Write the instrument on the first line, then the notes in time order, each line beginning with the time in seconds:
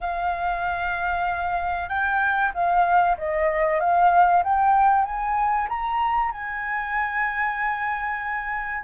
flute
0.01 F5
1.88 G5
2.53 F5
3.18 D#5
3.80 F5
4.43 G5
5.04 G#5
5.68 A#5
6.31 G#5